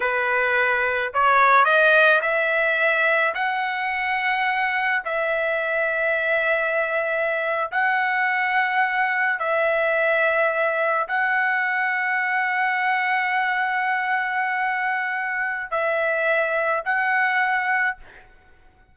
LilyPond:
\new Staff \with { instrumentName = "trumpet" } { \time 4/4 \tempo 4 = 107 b'2 cis''4 dis''4 | e''2 fis''2~ | fis''4 e''2.~ | e''4.~ e''16 fis''2~ fis''16~ |
fis''8. e''2. fis''16~ | fis''1~ | fis''1 | e''2 fis''2 | }